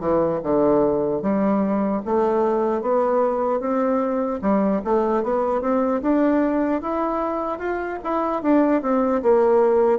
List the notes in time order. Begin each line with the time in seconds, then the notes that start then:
0.00 E3
0.43 D3
1.22 G3
2.05 A3
2.81 B3
3.60 C4
4.41 G3
4.84 A3
5.23 B3
5.61 C4
6.02 D4
6.81 E4
7.59 F4
8.03 E4
8.42 D4
8.82 C4
9.22 A#3